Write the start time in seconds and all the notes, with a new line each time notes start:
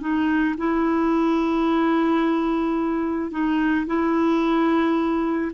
0.00 D#4
0.57 E4
3.31 D#4
3.86 E4